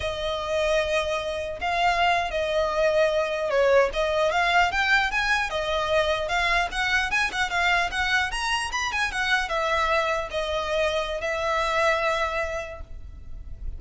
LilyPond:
\new Staff \with { instrumentName = "violin" } { \time 4/4 \tempo 4 = 150 dis''1 | f''4.~ f''16 dis''2~ dis''16~ | dis''8. cis''4 dis''4 f''4 g''16~ | g''8. gis''4 dis''2 f''16~ |
f''8. fis''4 gis''8 fis''8 f''4 fis''16~ | fis''8. ais''4 b''8 gis''8 fis''4 e''16~ | e''4.~ e''16 dis''2~ dis''16 | e''1 | }